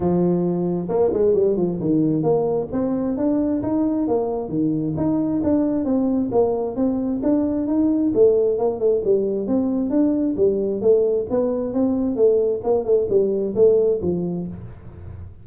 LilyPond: \new Staff \with { instrumentName = "tuba" } { \time 4/4 \tempo 4 = 133 f2 ais8 gis8 g8 f8 | dis4 ais4 c'4 d'4 | dis'4 ais4 dis4 dis'4 | d'4 c'4 ais4 c'4 |
d'4 dis'4 a4 ais8 a8 | g4 c'4 d'4 g4 | a4 b4 c'4 a4 | ais8 a8 g4 a4 f4 | }